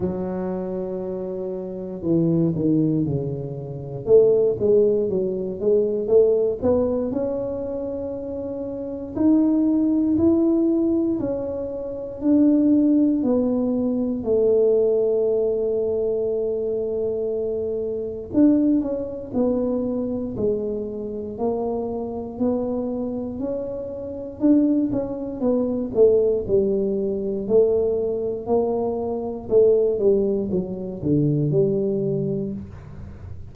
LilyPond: \new Staff \with { instrumentName = "tuba" } { \time 4/4 \tempo 4 = 59 fis2 e8 dis8 cis4 | a8 gis8 fis8 gis8 a8 b8 cis'4~ | cis'4 dis'4 e'4 cis'4 | d'4 b4 a2~ |
a2 d'8 cis'8 b4 | gis4 ais4 b4 cis'4 | d'8 cis'8 b8 a8 g4 a4 | ais4 a8 g8 fis8 d8 g4 | }